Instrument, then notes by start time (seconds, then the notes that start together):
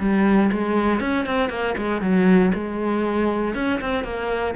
cello
0.00 G3
0.52 G#3
1.01 C#4
1.26 C4
1.50 A#3
1.78 G#3
2.02 F#3
2.54 G#3
3.55 C#4
3.81 C4
4.04 A#3